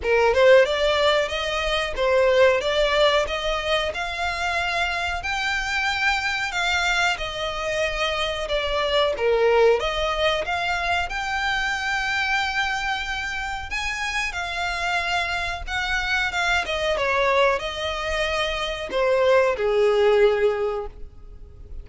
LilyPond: \new Staff \with { instrumentName = "violin" } { \time 4/4 \tempo 4 = 92 ais'8 c''8 d''4 dis''4 c''4 | d''4 dis''4 f''2 | g''2 f''4 dis''4~ | dis''4 d''4 ais'4 dis''4 |
f''4 g''2.~ | g''4 gis''4 f''2 | fis''4 f''8 dis''8 cis''4 dis''4~ | dis''4 c''4 gis'2 | }